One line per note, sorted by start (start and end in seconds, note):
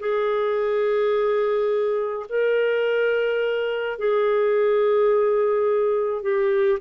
0.00 2.26 G#4
2.29 3.99 A#4
3.99 6.22 G#4
6.22 6.79 G4